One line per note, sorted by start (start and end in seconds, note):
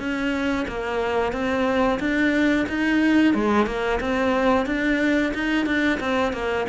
0.00 0.67 C#4
0.68 1.33 A#3
1.33 1.99 C4
2.00 2.67 D4
2.69 3.35 D#4
3.35 3.67 G#3
3.67 4.00 A#3
4.01 4.66 C4
4.66 5.33 D4
5.34 5.66 D#4
5.66 6.00 D4
6.01 6.33 C4
6.33 6.67 A#3